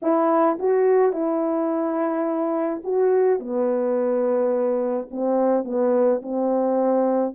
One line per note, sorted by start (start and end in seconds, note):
0.02 0.58 E4
0.59 1.12 F#4
1.12 2.82 E4
2.84 3.39 F#4
3.39 5.09 B3
5.10 5.64 C4
5.64 6.21 B3
6.22 7.34 C4